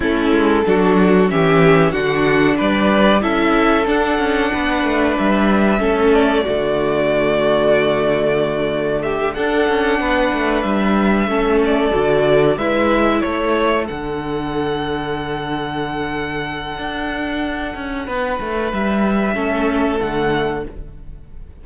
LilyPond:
<<
  \new Staff \with { instrumentName = "violin" } { \time 4/4 \tempo 4 = 93 a'2 e''4 fis''4 | d''4 e''4 fis''2 | e''4. d''2~ d''8~ | d''2 e''8 fis''4.~ |
fis''8 e''4. d''4. e''8~ | e''8 cis''4 fis''2~ fis''8~ | fis''1~ | fis''4 e''2 fis''4 | }
  \new Staff \with { instrumentName = "violin" } { \time 4/4 e'4 fis'4 g'4 fis'4 | b'4 a'2 b'4~ | b'4 a'4 fis'2~ | fis'2 g'8 a'4 b'8~ |
b'4. a'2 b'8~ | b'8 a'2.~ a'8~ | a'1 | b'2 a'2 | }
  \new Staff \with { instrumentName = "viola" } { \time 4/4 cis'4 d'4 cis'4 d'4~ | d'4 e'4 d'2~ | d'4 cis'4 a2~ | a2~ a8 d'4.~ |
d'4. cis'4 fis'4 e'8~ | e'4. d'2~ d'8~ | d'1~ | d'2 cis'4 a4 | }
  \new Staff \with { instrumentName = "cello" } { \time 4/4 a8 gis8 fis4 e4 d4 | g4 cis'4 d'8 cis'8 b8 a8 | g4 a4 d2~ | d2~ d8 d'8 cis'8 b8 |
a8 g4 a4 d4 gis8~ | gis8 a4 d2~ d8~ | d2 d'4. cis'8 | b8 a8 g4 a4 d4 | }
>>